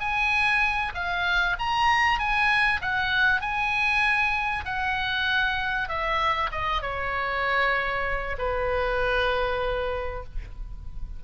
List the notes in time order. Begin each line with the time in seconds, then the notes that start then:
0.00 G#5
0.95 F5
1.59 A#5
2.19 G#5
2.82 F#5
3.41 G#5
4.66 F#5
5.89 E5
6.52 D#5
6.82 C#5
8.38 B4